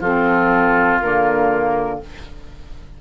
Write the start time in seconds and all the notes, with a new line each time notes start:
0.00 F3 C4 F4 A4
1.01 D3 A#3 A#4